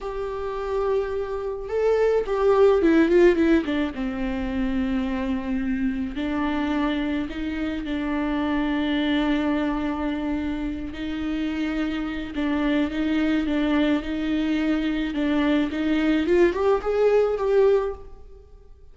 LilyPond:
\new Staff \with { instrumentName = "viola" } { \time 4/4 \tempo 4 = 107 g'2. a'4 | g'4 e'8 f'8 e'8 d'8 c'4~ | c'2. d'4~ | d'4 dis'4 d'2~ |
d'2.~ d'8 dis'8~ | dis'2 d'4 dis'4 | d'4 dis'2 d'4 | dis'4 f'8 g'8 gis'4 g'4 | }